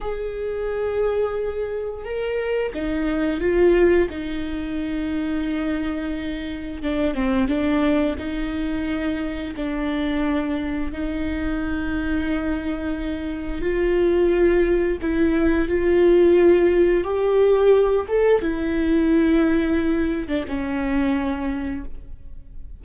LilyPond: \new Staff \with { instrumentName = "viola" } { \time 4/4 \tempo 4 = 88 gis'2. ais'4 | dis'4 f'4 dis'2~ | dis'2 d'8 c'8 d'4 | dis'2 d'2 |
dis'1 | f'2 e'4 f'4~ | f'4 g'4. a'8 e'4~ | e'4.~ e'16 d'16 cis'2 | }